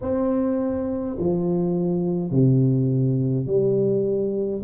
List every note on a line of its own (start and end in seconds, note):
0.01 1.16 C4
1.19 2.31 F3
2.31 3.46 C3
3.46 4.62 G3